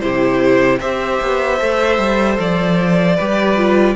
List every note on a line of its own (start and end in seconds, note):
0.00 0.81 C3
0.00 0.80 E4
0.00 0.81 G4
0.00 0.79 C5
0.80 1.21 C4
0.80 1.60 G4
0.80 3.16 C5
0.80 2.38 E5
1.22 1.61 B3
1.60 1.99 A3
1.60 3.18 A4
1.99 2.38 G3
2.39 3.18 F3
2.39 3.96 D5
3.16 3.96 G3
3.16 3.57 G4
3.16 3.95 B4
3.57 3.96 F4